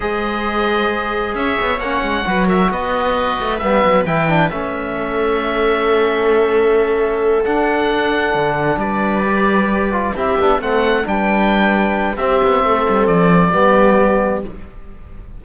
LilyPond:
<<
  \new Staff \with { instrumentName = "oboe" } { \time 4/4 \tempo 4 = 133 dis''2. e''4 | fis''4. e''8 dis''2 | e''4 g''4 e''2~ | e''1~ |
e''8 fis''2. d''8~ | d''2~ d''8 e''4 fis''8~ | fis''8 g''2~ g''8 e''4~ | e''4 d''2. | }
  \new Staff \with { instrumentName = "viola" } { \time 4/4 c''2. cis''4~ | cis''4 b'8 ais'8 b'2~ | b'2. a'4~ | a'1~ |
a'2.~ a'8 b'8~ | b'2~ b'8 g'4 a'8~ | a'8 b'2~ b'8 g'4 | a'2 g'2 | }
  \new Staff \with { instrumentName = "trombone" } { \time 4/4 gis'1 | cis'4 fis'2. | b4 e'8 d'8 cis'2~ | cis'1~ |
cis'8 d'2.~ d'8~ | d'8 g'4. f'8 e'8 d'8 c'8~ | c'8 d'2~ d'8 c'4~ | c'2 b2 | }
  \new Staff \with { instrumentName = "cello" } { \time 4/4 gis2. cis'8 b8 | ais8 gis8 fis4 b4. a8 | g8 fis8 e4 a2~ | a1~ |
a8 d'2 d4 g8~ | g2~ g8 c'8 b8 a8~ | a8 g2~ g8 c'8 b8 | a8 g8 f4 g2 | }
>>